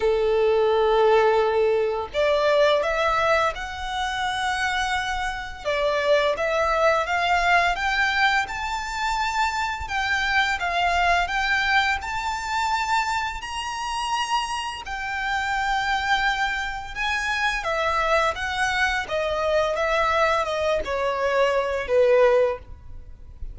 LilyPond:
\new Staff \with { instrumentName = "violin" } { \time 4/4 \tempo 4 = 85 a'2. d''4 | e''4 fis''2. | d''4 e''4 f''4 g''4 | a''2 g''4 f''4 |
g''4 a''2 ais''4~ | ais''4 g''2. | gis''4 e''4 fis''4 dis''4 | e''4 dis''8 cis''4. b'4 | }